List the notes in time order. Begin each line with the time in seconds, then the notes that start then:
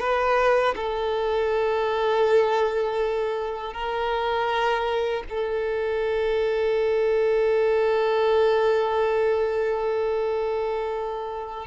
0.00 B4
0.76 A4
3.74 A#4
5.30 A4